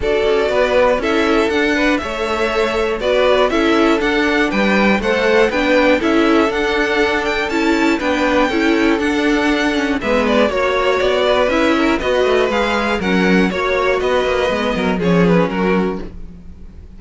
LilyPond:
<<
  \new Staff \with { instrumentName = "violin" } { \time 4/4 \tempo 4 = 120 d''2 e''4 fis''4 | e''2 d''4 e''4 | fis''4 g''4 fis''4 g''4 | e''4 fis''4. g''8 a''4 |
g''2 fis''2 | e''8 d''8 cis''4 d''4 e''4 | dis''4 f''4 fis''4 cis''4 | dis''2 cis''8 b'8 ais'4 | }
  \new Staff \with { instrumentName = "violin" } { \time 4/4 a'4 b'4 a'4. b'8 | cis''2 b'4 a'4~ | a'4 b'4 c''4 b'4 | a'1 |
b'4 a'2. | b'4 cis''4. b'4 ais'8 | b'2 ais'4 cis''4 | b'4. ais'8 gis'4 fis'4 | }
  \new Staff \with { instrumentName = "viola" } { \time 4/4 fis'2 e'4 d'4 | a'2 fis'4 e'4 | d'2 a'4 d'4 | e'4 d'2 e'4 |
d'4 e'4 d'4. cis'8 | b4 fis'2 e'4 | fis'4 gis'4 cis'4 fis'4~ | fis'4 b4 cis'2 | }
  \new Staff \with { instrumentName = "cello" } { \time 4/4 d'8 cis'8 b4 cis'4 d'4 | a2 b4 cis'4 | d'4 g4 a4 b4 | cis'4 d'2 cis'4 |
b4 cis'4 d'2 | gis4 ais4 b4 cis'4 | b8 a8 gis4 fis4 ais4 | b8 ais8 gis8 fis8 f4 fis4 | }
>>